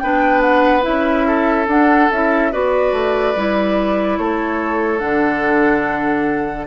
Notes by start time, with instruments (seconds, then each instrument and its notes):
0.00 bassoon B3, clarinet D4, oboe B4, flute G5
0.42 flute F#5
0.82 bassoon C#4, clarinet E4, flute E5
1.28 oboe A4
1.67 bassoon D4, clarinet D4, flute F#5
2.12 bassoon C#4, clarinet E4, flute E5
2.52 bassoon B3, clarinet F#4, oboe B4, flute D5
2.93 bassoon A3
3.35 bassoon G3, clarinet E4
4.18 bassoon A3, oboe A4, flute C#5
4.99 bassoon D3, clarinet D4, flute F#5